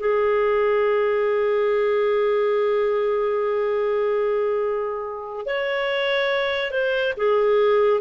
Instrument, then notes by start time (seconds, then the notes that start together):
clarinet
0.00 G#4
5.46 C#5
6.71 C5
7.18 G#4